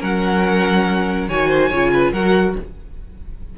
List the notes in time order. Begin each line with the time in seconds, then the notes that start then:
0.00 F#3 C#4 A#4 F#5
1.28 D#3 F#4 C#5 G#5
1.48 C5
1.69 C#3 F4 C#5
1.93 B4
2.12 F#3 F#4 A#4 F#5